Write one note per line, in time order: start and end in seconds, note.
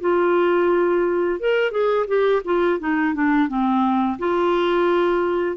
0.00 1.40 F4
1.40 1.71 A#4
1.71 2.06 G#4
2.07 2.42 G4
2.45 2.79 F4
2.79 3.14 D#4
3.14 3.48 D4
3.48 4.18 C4
4.19 5.57 F4